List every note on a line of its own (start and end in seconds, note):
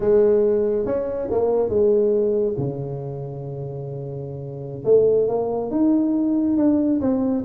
0.00 0.85 G#3
0.85 1.28 C#4
1.30 1.69 A#3
1.69 2.55 G#3
2.57 4.84 C#3
4.84 5.27 A3
5.28 5.70 A#3
5.70 6.57 D#4
6.57 7.00 D4
7.00 7.44 C4